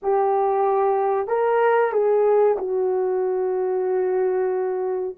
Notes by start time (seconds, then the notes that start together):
0.02 G4
1.27 A#4
1.92 G#4
2.58 F#4